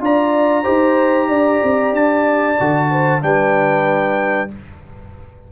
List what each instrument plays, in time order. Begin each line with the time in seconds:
0.00 tuba D4, trombone F4, horn D5, trumpet A#5
0.64 tuba D#4, trombone G4, horn C5
1.29 tuba D4, horn D5
1.63 tuba C4
1.93 tuba D4, trumpet A5
2.60 tuba D3, trombone F#4
2.91 horn C5
3.21 tuba G3, trombone D4, horn B4, trumpet G5